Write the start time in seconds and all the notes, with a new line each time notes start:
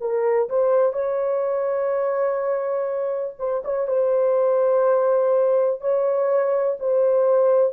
0.00 A#4
0.49 C5
0.92 C#5
3.39 C5
3.64 C#5
3.87 C5
5.81 C#5
6.79 C5